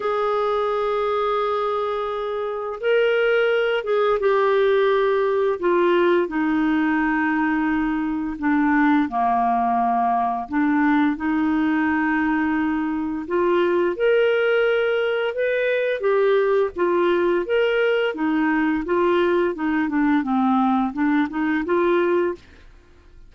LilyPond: \new Staff \with { instrumentName = "clarinet" } { \time 4/4 \tempo 4 = 86 gis'1 | ais'4. gis'8 g'2 | f'4 dis'2. | d'4 ais2 d'4 |
dis'2. f'4 | ais'2 b'4 g'4 | f'4 ais'4 dis'4 f'4 | dis'8 d'8 c'4 d'8 dis'8 f'4 | }